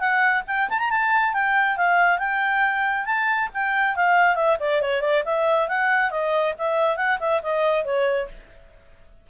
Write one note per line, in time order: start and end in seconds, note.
0.00 0.43 F#5
0.48 0.69 G5
0.70 0.79 A5
0.79 0.90 A#5
0.91 1.34 A5
1.34 1.77 G5
1.77 2.19 F5
2.19 3.06 G5
3.06 3.49 A5
3.54 3.96 G5
3.96 4.36 F5
4.36 4.57 E5
4.60 4.82 D5
4.82 5.02 C#5
5.02 5.24 D5
5.25 5.69 E5
5.69 6.11 F#5
6.11 6.54 D#5
6.58 6.97 E5
6.97 7.19 F#5
7.20 7.42 E5
7.43 7.85 D#5
7.85 8.28 C#5